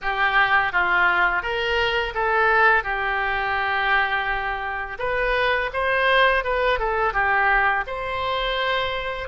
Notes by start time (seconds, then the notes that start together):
0.01 G4
0.72 F4
1.42 A#4
2.14 A4
2.83 G4
4.98 B4
5.73 C5
6.44 B4
6.79 A4
7.13 G4
7.86 C5